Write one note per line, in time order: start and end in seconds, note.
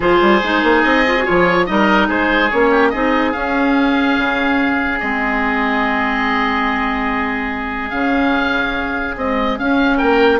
0.00 0.20 F3
0.00 0.41 F4
0.00 1.66 G#4
0.00 0.82 C5
0.21 0.41 G3
0.43 0.62 G#3
0.43 1.06 D#4
0.62 0.83 A#3
0.82 1.25 C4
0.82 1.24 D#5
1.06 1.16 F4
1.17 1.25 F#4
1.25 1.69 F3
1.25 1.65 F4
1.25 1.66 C#5
1.65 2.08 G3
1.65 2.49 D#4
1.65 2.08 A#4
1.65 2.07 D#5
2.08 2.50 G#3
2.08 2.70 G#4
2.08 2.50 C5
2.50 2.94 A#3
2.50 2.93 C#4
2.50 2.89 C#5
2.70 2.91 G4
2.89 3.34 C4
2.89 3.32 D#4
2.89 9.96 G#4
2.89 3.31 D#5
3.32 4.99 C#4
3.32 4.18 C#4
3.32 4.99 F5
4.18 5.01 C#3
5.00 7.91 G#3
5.00 7.91 C4
5.00 7.89 D#5
7.89 9.16 C#3
7.89 9.16 C#4
7.89 9.14 F5
9.16 9.58 G#3
9.16 9.57 C4
9.16 9.58 D#5
9.58 10.40 C#4
9.58 10.01 C#4
9.58 9.97 F5
9.96 10.40 A#3
9.96 10.38 A#4
9.96 10.39 G5